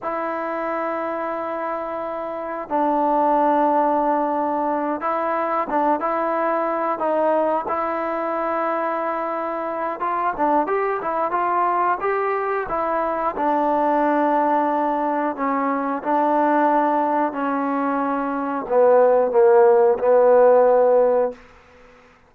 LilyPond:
\new Staff \with { instrumentName = "trombone" } { \time 4/4 \tempo 4 = 90 e'1 | d'2.~ d'8 e'8~ | e'8 d'8 e'4. dis'4 e'8~ | e'2. f'8 d'8 |
g'8 e'8 f'4 g'4 e'4 | d'2. cis'4 | d'2 cis'2 | b4 ais4 b2 | }